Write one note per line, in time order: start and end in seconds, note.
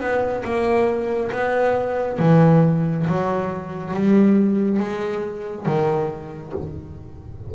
0.00 0.43 B3
0.44 1.31 A#3
1.32 2.19 B3
2.19 3.06 E3
3.07 3.94 F#3
3.94 4.79 G3
4.79 5.66 G#3
5.66 6.53 D#3